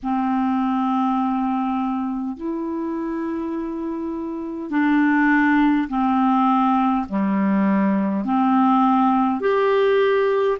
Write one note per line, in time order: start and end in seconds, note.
0.03 2.36 C4
2.36 4.70 E4
4.70 5.88 D4
5.88 7.06 C4
7.09 8.25 G3
8.25 9.40 C4
9.40 10.58 G4